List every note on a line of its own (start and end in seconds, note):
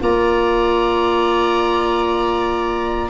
0.00 3.10 A#3
0.00 3.10 F4
0.00 3.10 D5
0.00 3.10 A#5